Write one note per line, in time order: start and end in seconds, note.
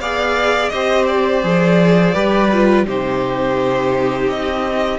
0.00 0.71 B3
0.00 0.72 G#4
0.00 0.72 D5
0.00 0.69 F5
0.69 1.44 C4
0.69 1.43 G4
0.69 2.14 C5
0.69 1.04 D#5
1.07 2.86 D5
1.43 2.14 F3
1.43 2.14 G#4
2.14 2.86 G3
2.14 2.50 G4
2.14 2.86 B4
2.53 2.86 F4
2.86 4.28 C3
2.86 4.99 D#4
2.86 4.99 G4
2.86 4.30 C5
4.28 4.99 C4
4.28 4.99 D#5